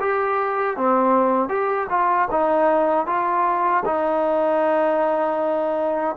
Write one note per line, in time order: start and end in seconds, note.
0.00 0.77 G4
0.77 1.49 C4
1.49 1.87 G4
1.90 2.28 F4
2.31 3.07 D#4
3.07 3.84 F4
3.85 6.16 D#4